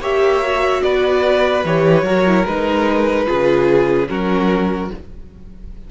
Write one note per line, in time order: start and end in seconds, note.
0.00 0.81 A#3
0.00 0.42 G4
0.00 0.82 C#5
0.00 0.82 E5
0.42 1.64 F#4
0.82 1.64 B3
0.82 2.05 B4
0.82 1.64 D5
1.64 2.03 E3
1.64 2.04 G4
1.64 2.46 C#5
2.03 2.43 F#3
2.03 2.24 F#4
2.03 3.26 A#4
2.26 2.46 E4
2.46 3.27 G#3
2.46 3.26 D#4
2.46 4.08 B4
3.26 4.09 C#3
3.26 4.07 F4
3.26 4.08 G#4
4.07 4.90 F#3
4.07 4.88 C#4
4.07 4.91 F#4
4.07 4.90 A#4